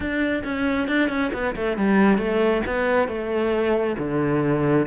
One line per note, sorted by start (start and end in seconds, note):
0.00 0.43 D4
0.44 0.88 C#4
0.88 1.09 D4
1.09 1.31 C#4
1.33 1.55 B3
1.55 1.77 A3
1.77 2.18 G3
2.18 2.62 A3
2.66 3.08 B3
3.08 3.96 A3
3.98 4.86 D3